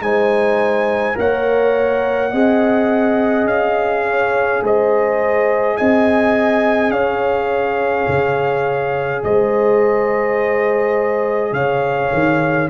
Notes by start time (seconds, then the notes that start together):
0.00 G#3 D#4 C5 G#5
1.14 A#3 A#4 C#5 F#5
2.31 C4 G#4 D#5
3.45 C#4 F5
4.04 C#5
4.62 G#3 C5 D#5
5.77 C4 D#5 G#5
6.90 C#4 C#5 F5
8.08 C#3
9.24 G#3 C5 D#5
11.51 C#3 C#5 F5
12.13 D#3